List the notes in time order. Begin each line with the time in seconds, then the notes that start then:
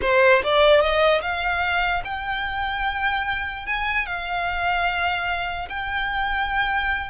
0.01 C5
0.43 D5
0.80 D#5
1.21 F5
2.04 G5
3.66 G#5
4.06 F5
5.69 G5